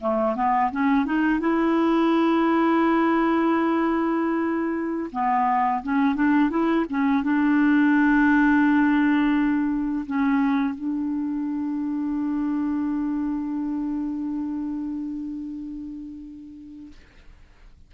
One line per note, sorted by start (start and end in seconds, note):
0.00 0.35 A3
0.35 0.71 B3
0.71 1.05 C#4
1.05 1.40 D#4
1.40 5.10 E4
5.12 5.82 B3
5.83 6.15 C#4
6.15 6.50 D4
6.50 6.85 E4
6.89 7.23 C#4
7.23 10.05 D4
10.06 10.74 C#4
10.74 16.92 D4